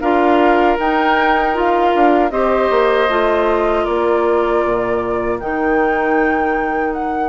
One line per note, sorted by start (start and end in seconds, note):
0.00 0.78 D4
0.00 0.78 F4
0.00 2.31 A#4
0.00 0.77 F5
0.78 1.93 D#4
0.78 1.53 D#4
0.78 1.56 G5
1.53 2.30 F4
1.53 2.30 F5
1.94 2.30 D4
2.30 2.69 C4
2.30 3.08 G4
2.30 3.83 C5
2.30 3.84 D#5
2.70 3.08 A#3
3.08 3.86 A3
3.08 5.39 F4
3.83 4.64 A#3
3.83 7.28 A#4
3.83 5.38 D5
4.64 5.40 A#2
5.39 7.28 D#3
5.39 7.28 D#4
5.39 6.93 G5
6.93 7.28 F#5